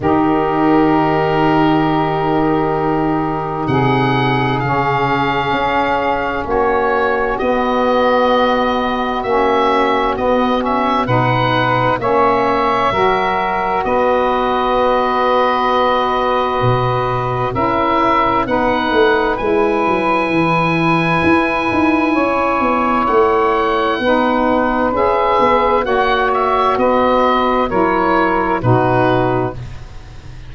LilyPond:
<<
  \new Staff \with { instrumentName = "oboe" } { \time 4/4 \tempo 4 = 65 ais'1 | fis''4 f''2 cis''4 | dis''2 e''4 dis''8 e''8 | fis''4 e''2 dis''4~ |
dis''2. e''4 | fis''4 gis''2.~ | gis''4 fis''2 e''4 | fis''8 e''8 dis''4 cis''4 b'4 | }
  \new Staff \with { instrumentName = "saxophone" } { \time 4/4 g'1 | gis'2. fis'4~ | fis'1 | b'4 cis''4 ais'4 b'4~ |
b'2. ais'4 | b'1 | cis''2 b'2 | cis''4 b'4 ais'4 fis'4 | }
  \new Staff \with { instrumentName = "saxophone" } { \time 4/4 dis'1~ | dis'4 cis'2. | b2 cis'4 b8 cis'8 | dis'4 cis'4 fis'2~ |
fis'2. e'4 | dis'4 e'2.~ | e'2 dis'4 gis'4 | fis'2 e'4 dis'4 | }
  \new Staff \with { instrumentName = "tuba" } { \time 4/4 dis1 | c4 cis4 cis'4 ais4 | b2 ais4 b4 | b,4 ais4 fis4 b4~ |
b2 b,4 cis'4 | b8 a8 gis8 fis8 e4 e'8 dis'8 | cis'8 b8 a4 b4 cis'8 b8 | ais4 b4 fis4 b,4 | }
>>